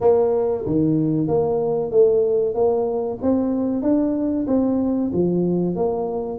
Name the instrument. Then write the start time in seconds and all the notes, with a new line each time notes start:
tuba
0.01 A#3
0.66 D#3
1.27 A#3
1.91 A3
2.54 A#3
3.21 C4
3.82 D4
4.47 C4
5.13 F3
5.75 A#3